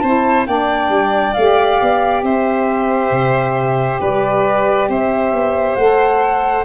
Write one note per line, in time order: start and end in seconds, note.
0.00 0.47 C4
0.00 0.47 E4
0.00 0.47 C5
0.00 0.44 A5
0.47 0.89 A#3
0.47 1.35 D4
0.47 2.25 D5
0.47 1.34 G5
0.89 1.33 G3
1.34 1.81 A3
1.34 5.80 G4
1.34 2.22 F5
1.82 2.23 B3
2.23 3.11 C4
2.23 4.01 C5
2.23 4.01 E5
3.11 4.00 C3
4.01 4.89 G3
4.01 4.89 B4
4.01 4.90 D5
4.89 5.33 C4
4.89 6.65 C5
4.89 5.76 E5
5.33 5.77 B3
5.76 6.65 A3
5.76 6.65 A4
5.76 6.64 F#5